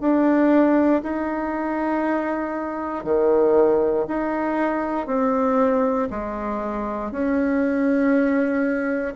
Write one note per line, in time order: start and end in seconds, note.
0.00 1.02 D4
1.03 3.04 D#4
3.04 4.06 D#3
4.07 5.07 D#4
5.07 6.08 C4
6.10 7.11 G#3
7.11 9.14 C#4